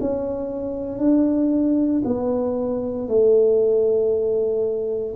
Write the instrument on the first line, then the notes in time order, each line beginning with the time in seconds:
tuba
0.00 C#4
0.99 D4
2.05 B3
3.08 A3